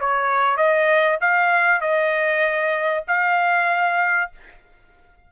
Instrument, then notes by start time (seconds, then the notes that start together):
trumpet
0.00 C#5
0.57 D#5
1.21 F5
1.81 D#5
3.08 F5